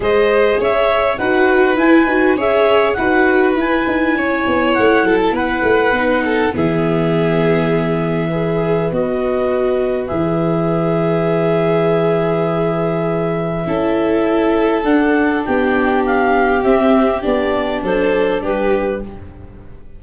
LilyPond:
<<
  \new Staff \with { instrumentName = "clarinet" } { \time 4/4 \tempo 4 = 101 dis''4 e''4 fis''4 gis''4 | e''4 fis''4 gis''2 | fis''8. a''16 fis''2 e''4~ | e''2. dis''4~ |
dis''4 e''2.~ | e''1~ | e''4 fis''4 g''4 f''4 | e''4 d''4 c''4 b'4 | }
  \new Staff \with { instrumentName = "violin" } { \time 4/4 c''4 cis''4 b'2 | cis''4 b'2 cis''4~ | cis''8 a'8 b'4. a'8 gis'4~ | gis'2 b'2~ |
b'1~ | b'2. a'4~ | a'2 g'2~ | g'2 a'4 g'4 | }
  \new Staff \with { instrumentName = "viola" } { \time 4/4 gis'2 fis'4 e'8 fis'8 | gis'4 fis'4 e'2~ | e'2 dis'4 b4~ | b2 gis'4 fis'4~ |
fis'4 gis'2.~ | gis'2. e'4~ | e'4 d'2. | c'4 d'2. | }
  \new Staff \with { instrumentName = "tuba" } { \time 4/4 gis4 cis'4 dis'4 e'8 dis'8 | cis'4 dis'4 e'8 dis'8 cis'8 b8 | a8 fis8 b8 a8 b4 e4~ | e2. b4~ |
b4 e2.~ | e2. cis'4~ | cis'4 d'4 b2 | c'4 b4 fis4 g4 | }
>>